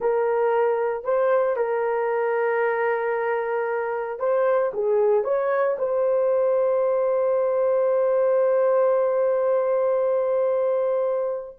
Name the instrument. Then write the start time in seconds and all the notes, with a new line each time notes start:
horn
0.00 A#4
1.04 C5
1.56 A#4
4.19 C5
4.73 G#4
5.24 C#5
5.78 C5